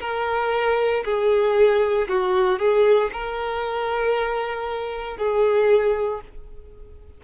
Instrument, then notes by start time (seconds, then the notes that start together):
violin
0.00 A#4
1.04 G#4
2.08 F#4
2.59 G#4
3.12 A#4
5.17 G#4